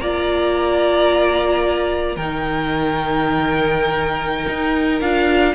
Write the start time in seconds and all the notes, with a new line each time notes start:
0.00 A#3 F4 D5 A#5
2.15 D#3 D#4 A#4 G5
4.48 D#4
5.01 D4 F4 F5